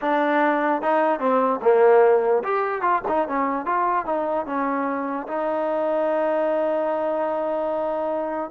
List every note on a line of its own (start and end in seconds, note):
0.01 0.81 D4
0.81 1.19 D#4
1.19 1.60 C4
1.62 2.43 A#3
2.43 2.81 G4
2.81 3.01 F4
3.08 3.28 D#4
3.28 3.65 C#4
3.65 4.05 F4
4.05 4.46 D#4
4.46 5.27 C#4
5.27 8.50 D#4